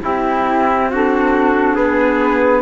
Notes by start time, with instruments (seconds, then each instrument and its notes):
0.00 cello C4, clarinet E4, trumpet E4, flute G4
0.91 clarinet D4, trumpet F#4, flute A4
1.75 cello B3, trumpet G#4, flute B4